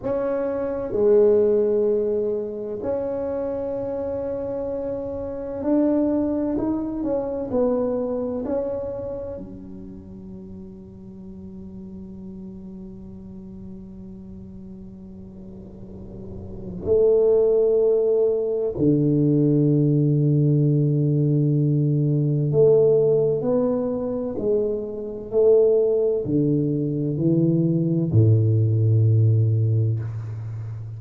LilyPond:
\new Staff \with { instrumentName = "tuba" } { \time 4/4 \tempo 4 = 64 cis'4 gis2 cis'4~ | cis'2 d'4 dis'8 cis'8 | b4 cis'4 fis2~ | fis1~ |
fis2 a2 | d1 | a4 b4 gis4 a4 | d4 e4 a,2 | }